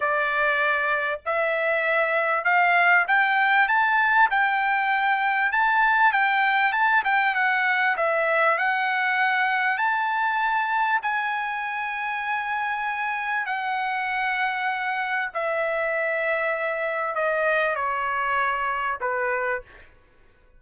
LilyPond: \new Staff \with { instrumentName = "trumpet" } { \time 4/4 \tempo 4 = 98 d''2 e''2 | f''4 g''4 a''4 g''4~ | g''4 a''4 g''4 a''8 g''8 | fis''4 e''4 fis''2 |
a''2 gis''2~ | gis''2 fis''2~ | fis''4 e''2. | dis''4 cis''2 b'4 | }